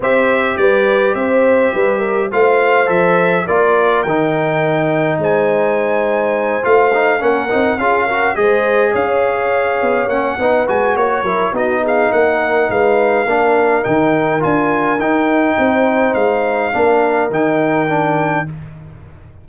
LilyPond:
<<
  \new Staff \with { instrumentName = "trumpet" } { \time 4/4 \tempo 4 = 104 e''4 d''4 e''2 | f''4 e''4 d''4 g''4~ | g''4 gis''2~ gis''8 f''8~ | f''8 fis''4 f''4 dis''4 f''8~ |
f''4. fis''4 gis''8 cis''4 | dis''8 f''8 fis''4 f''2 | g''4 gis''4 g''2 | f''2 g''2 | }
  \new Staff \with { instrumentName = "horn" } { \time 4/4 c''4 b'4 c''4 b'8 ais'8 | c''2 ais'2~ | ais'4 c''2.~ | c''8 ais'4 gis'8 ais'8 c''4 cis''8~ |
cis''2 b'4 cis''8 ais'8 | fis'8 gis'8 ais'4 b'4 ais'4~ | ais'2. c''4~ | c''4 ais'2. | }
  \new Staff \with { instrumentName = "trombone" } { \time 4/4 g'1 | f'4 a'4 f'4 dis'4~ | dis'2.~ dis'8 f'8 | dis'8 cis'8 dis'8 f'8 fis'8 gis'4.~ |
gis'4. cis'8 dis'8 fis'4 e'8 | dis'2. d'4 | dis'4 f'4 dis'2~ | dis'4 d'4 dis'4 d'4 | }
  \new Staff \with { instrumentName = "tuba" } { \time 4/4 c'4 g4 c'4 g4 | a4 f4 ais4 dis4~ | dis4 gis2~ gis8 a8~ | a8 ais8 c'8 cis'4 gis4 cis'8~ |
cis'4 b8 ais8 b8 gis8 ais8 fis8 | b4 ais4 gis4 ais4 | dis4 d'4 dis'4 c'4 | gis4 ais4 dis2 | }
>>